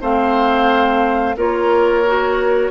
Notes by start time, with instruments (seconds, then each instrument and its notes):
0.00 bassoon A3, clarinet C4, oboe C5, flute F5
1.36 bassoon A#3, clarinet F4, oboe A#4, flute C#5
2.06 clarinet F#4